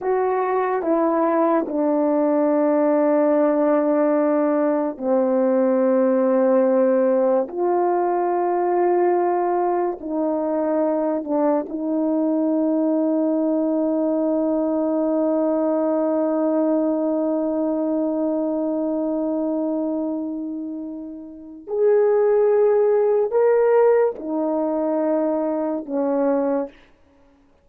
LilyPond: \new Staff \with { instrumentName = "horn" } { \time 4/4 \tempo 4 = 72 fis'4 e'4 d'2~ | d'2 c'2~ | c'4 f'2. | dis'4. d'8 dis'2~ |
dis'1~ | dis'1~ | dis'2 gis'2 | ais'4 dis'2 cis'4 | }